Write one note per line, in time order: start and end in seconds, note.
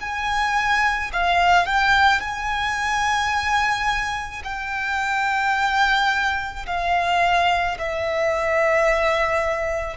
0.00 1.11 G#5
1.13 1.66 F5
1.66 2.20 G5
2.20 4.42 G#5
4.44 6.66 G5
6.66 7.77 F5
7.78 9.96 E5